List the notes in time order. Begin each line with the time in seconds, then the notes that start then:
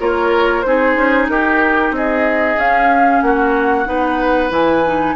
0.00 A#3 F4 A#4 C#5
0.62 C4 D#4 G#4 C5
0.96 C#4
1.29 D#4 G4 A#4
1.91 C4 G#4 D#5
2.56 C#4 F5
3.22 A#3 F#4 F#5
3.86 B3 D#4 B4
4.50 E3 E4 G#5
4.86 D#4